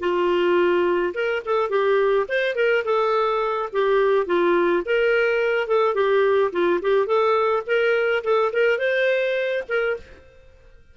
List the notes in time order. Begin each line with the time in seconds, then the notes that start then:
0.00 F4
1.14 A#4
1.46 A4
1.70 G4
2.29 C5
2.55 A#4
2.85 A4
3.73 G4
4.27 F4
4.86 A#4
5.68 A4
5.95 G4
6.52 F4
6.82 G4
7.07 A4
7.66 A#4
8.24 A4
8.53 A#4
8.79 C5
9.69 A#4